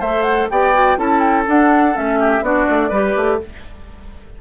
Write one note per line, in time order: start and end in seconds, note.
0.00 0.49 A3
0.00 0.52 A4
0.00 0.48 C5
0.00 0.22 E5
0.22 0.46 F#5
0.50 0.98 B3
0.50 0.74 G4
0.50 0.98 D5
0.50 0.98 G5
0.74 0.97 F#4
0.97 1.46 C#4
0.97 1.45 E4
0.97 2.19 A4
0.97 1.19 A5
1.19 1.44 G5
1.47 1.94 D4
1.47 1.96 D4
1.47 1.97 F#5
1.94 2.41 A3
1.94 2.42 C#4
1.94 2.44 E5
2.19 2.43 G4
2.41 2.66 B3
2.41 2.91 D4
2.41 2.89 F#4
2.41 3.41 D5
2.70 2.91 A3
2.89 3.15 G3
2.89 3.41 G4
2.89 3.37 B4
3.16 3.41 A3